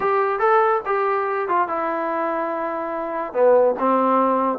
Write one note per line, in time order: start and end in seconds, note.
0.00 0.39 G4
0.39 0.81 A4
0.85 1.48 G4
1.48 1.68 F4
1.68 3.33 E4
3.33 3.74 B3
3.79 4.58 C4